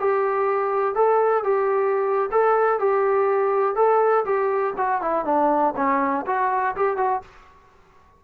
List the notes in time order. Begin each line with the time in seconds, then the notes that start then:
0.00 G4
0.95 A4
1.44 G4
2.32 A4
2.80 G4
3.76 A4
4.25 G4
4.77 F#4
5.02 E4
5.26 D4
5.77 C#4
6.27 F#4
6.76 G4
6.98 F#4